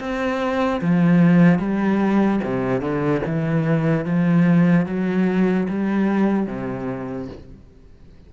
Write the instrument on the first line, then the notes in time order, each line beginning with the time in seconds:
cello
0.00 C4
0.81 F3
1.59 G3
2.44 C3
2.81 D3
3.27 E3
4.05 F3
4.86 F#3
5.69 G3
6.47 C3